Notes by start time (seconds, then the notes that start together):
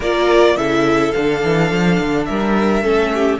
0.00 A#3 F4 A#4 D5
0.56 C#3 E4 A4 E5
1.11 D3 D4 F5
1.43 E3
1.71 F3
2.00 D3
2.25 G3 A#4 E5
2.82 A3 C#4 A4
3.14 G4